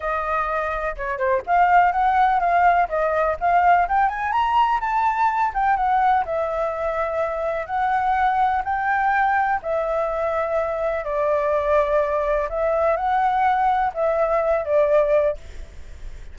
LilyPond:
\new Staff \with { instrumentName = "flute" } { \time 4/4 \tempo 4 = 125 dis''2 cis''8 c''8 f''4 | fis''4 f''4 dis''4 f''4 | g''8 gis''8 ais''4 a''4. g''8 | fis''4 e''2. |
fis''2 g''2 | e''2. d''4~ | d''2 e''4 fis''4~ | fis''4 e''4. d''4. | }